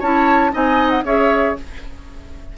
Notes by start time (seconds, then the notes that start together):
0.00 C#4 E4 C#5 A5
0.52 C4 D#4 D#5 G#5
0.90 F#5
1.04 C#4 G#4 C#5 E5